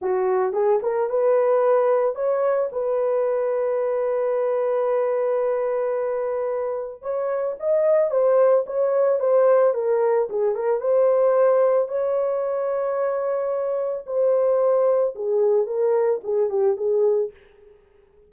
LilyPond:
\new Staff \with { instrumentName = "horn" } { \time 4/4 \tempo 4 = 111 fis'4 gis'8 ais'8 b'2 | cis''4 b'2.~ | b'1~ | b'4 cis''4 dis''4 c''4 |
cis''4 c''4 ais'4 gis'8 ais'8 | c''2 cis''2~ | cis''2 c''2 | gis'4 ais'4 gis'8 g'8 gis'4 | }